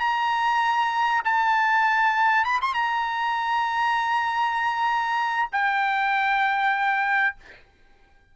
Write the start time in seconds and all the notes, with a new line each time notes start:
0.00 A#5
1.25 A5
2.45 B5
2.62 C6
2.74 A#5
5.52 G5